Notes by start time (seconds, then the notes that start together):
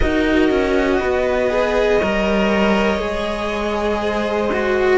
0.00 D#4 F#4 A#4 D#5
0.50 C#4
0.99 B3 B4
1.50 G#4
1.99 G3 A#4 C#5
2.99 G#3 G#4
4.00 C5
4.52 F#4